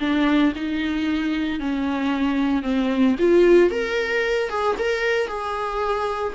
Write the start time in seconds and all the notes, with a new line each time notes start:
0.00 D4
0.56 D#4
1.60 C#4
2.63 C4
3.19 F4
3.71 A#4
4.50 G#4
4.79 A#4
5.27 G#4